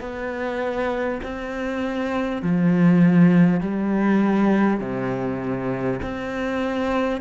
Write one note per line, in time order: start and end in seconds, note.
0.00 1.20 B3
1.23 2.42 C4
2.42 3.61 F3
3.61 4.80 G3
4.80 6.00 C3
6.02 7.21 C4